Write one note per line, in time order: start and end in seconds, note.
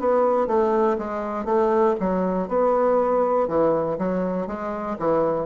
0.00 0.47 B3
0.47 0.97 A3
0.98 1.45 G#3
1.45 1.95 A3
2.00 2.49 F#3
2.49 3.48 B3
3.48 3.98 E3
3.99 4.48 F#3
4.48 4.98 G#3
4.99 5.46 E3